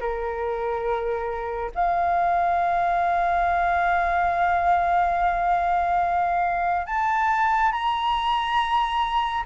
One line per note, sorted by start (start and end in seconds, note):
0.00 1.71 A#4
1.75 6.86 F5
6.86 7.72 A5
7.72 9.44 A#5